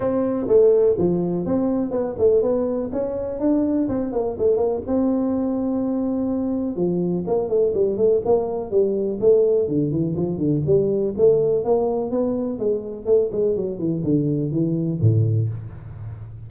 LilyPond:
\new Staff \with { instrumentName = "tuba" } { \time 4/4 \tempo 4 = 124 c'4 a4 f4 c'4 | b8 a8 b4 cis'4 d'4 | c'8 ais8 a8 ais8 c'2~ | c'2 f4 ais8 a8 |
g8 a8 ais4 g4 a4 | d8 e8 f8 d8 g4 a4 | ais4 b4 gis4 a8 gis8 | fis8 e8 d4 e4 a,4 | }